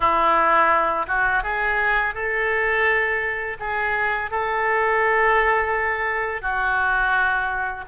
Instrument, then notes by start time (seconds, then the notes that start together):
oboe
0.00 E4
1.07 F#4
1.43 G#4
2.14 A4
3.59 G#4
4.31 A4
6.41 F#4